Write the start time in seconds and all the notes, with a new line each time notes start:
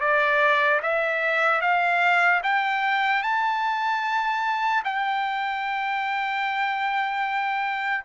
0.00 D5
0.82 E5
1.61 F5
2.43 G5
3.23 A5
4.84 G5